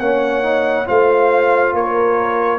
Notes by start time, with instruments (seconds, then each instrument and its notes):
0.00 tuba A#3, trombone C#4, horn C#5, trumpet F#5
0.43 trombone D#4
0.86 tuba A3, trombone F4, horn C5, trumpet F5
1.73 tuba A#3, horn A#4, trumpet C#5